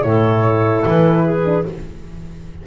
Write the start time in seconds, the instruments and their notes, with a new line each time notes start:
0.00 double bass A2, horn E4, flute C#5
0.08 clarinet A4
0.86 double bass E3, flute B4
1.25 clarinet G#4
1.45 horn D4